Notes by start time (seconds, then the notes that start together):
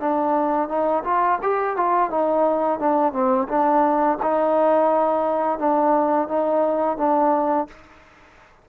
0.00 D4
0.68 D#4
1.04 F4
1.42 G4
1.77 F4
2.11 D#4
2.79 D4
3.13 C4
3.49 D4
4.22 D#4
5.59 D4
6.29 D#4
6.98 D4